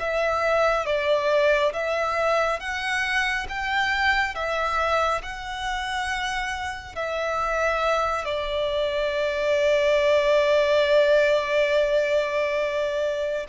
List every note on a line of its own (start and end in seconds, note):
0.00 0.86 E5
0.86 1.73 D5
1.73 2.60 E5
2.60 3.47 F#5
3.49 4.35 G5
4.35 5.22 E5
5.23 6.96 F#5
6.96 8.25 E5
8.25 13.47 D5